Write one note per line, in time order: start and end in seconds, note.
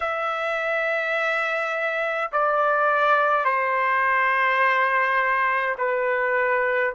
0.00 2.31 E5
2.31 3.45 D5
3.45 5.75 C5
5.77 6.93 B4